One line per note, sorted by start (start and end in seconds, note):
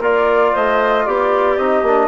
0.00 0.52 A#3
0.00 1.59 F4
0.00 0.53 A#4
0.00 0.55 D5
0.53 1.06 A3
0.53 1.05 C5
0.53 1.06 D#5
1.06 1.57 B3
1.06 2.07 G4
1.06 1.57 D5
1.57 1.82 C4
1.57 1.85 D#4
1.57 2.07 D#5
1.82 2.07 A#3
1.82 2.07 D4